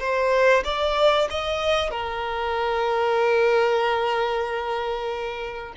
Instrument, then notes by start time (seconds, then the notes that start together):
violin
0.00 C5
0.65 D5
1.31 D#5
1.91 A#4